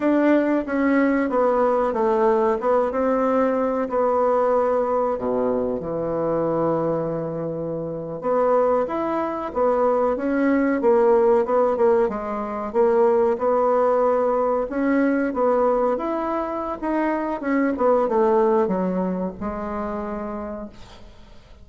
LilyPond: \new Staff \with { instrumentName = "bassoon" } { \time 4/4 \tempo 4 = 93 d'4 cis'4 b4 a4 | b8 c'4. b2 | b,4 e2.~ | e8. b4 e'4 b4 cis'16~ |
cis'8. ais4 b8 ais8 gis4 ais16~ | ais8. b2 cis'4 b16~ | b8. e'4~ e'16 dis'4 cis'8 b8 | a4 fis4 gis2 | }